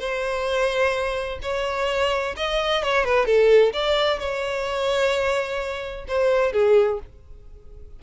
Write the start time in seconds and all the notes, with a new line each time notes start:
0.00 C5
1.43 C#5
2.37 D#5
2.83 C#5
3.05 B4
3.26 A4
3.74 D5
4.20 C#5
6.08 C5
6.53 G#4